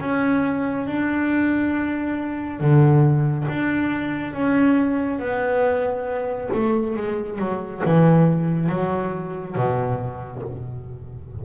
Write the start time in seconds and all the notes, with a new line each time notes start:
0.00 C#4
0.87 D4
2.60 D3
3.49 D4
4.33 C#4
5.19 B3
6.53 A3
6.96 G#3
7.39 F#3
7.85 E3
8.69 F#3
9.56 B2